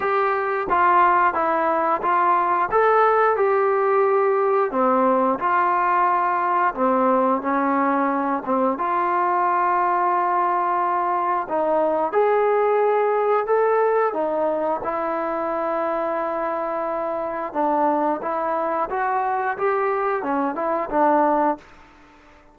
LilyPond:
\new Staff \with { instrumentName = "trombone" } { \time 4/4 \tempo 4 = 89 g'4 f'4 e'4 f'4 | a'4 g'2 c'4 | f'2 c'4 cis'4~ | cis'8 c'8 f'2.~ |
f'4 dis'4 gis'2 | a'4 dis'4 e'2~ | e'2 d'4 e'4 | fis'4 g'4 cis'8 e'8 d'4 | }